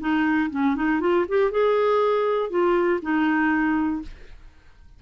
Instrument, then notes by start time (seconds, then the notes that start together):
clarinet
0.00 D#4
0.50 C#4
0.75 D#4
1.00 F4
1.28 G4
1.51 G#4
2.50 F4
3.02 D#4